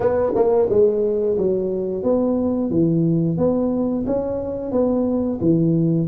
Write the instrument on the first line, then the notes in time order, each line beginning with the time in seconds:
tuba
0.00 B3
0.35 A#3
0.69 G#3
1.37 F#3
2.03 B3
2.70 E3
3.37 B3
4.06 C#4
4.71 B3
5.40 E3